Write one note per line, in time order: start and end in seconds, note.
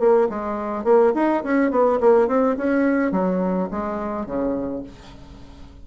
0.00 0.29 A#3
0.30 0.85 G#3
0.85 1.13 A#3
1.15 1.44 D#4
1.44 1.71 C#4
1.71 2.00 B3
2.01 2.28 A#3
2.28 2.57 C4
2.58 3.12 C#4
3.12 3.69 F#3
3.71 4.26 G#3
4.26 4.83 C#3